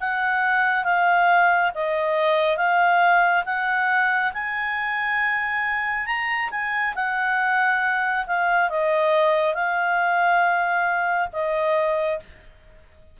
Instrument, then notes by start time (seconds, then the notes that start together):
clarinet
0.00 F#5
0.84 F5
1.74 D#5
2.57 F5
3.45 F#5
4.33 G#5
6.06 A#5
6.51 G#5
6.95 F#5
8.26 F5
8.69 D#5
9.54 F5
11.32 D#5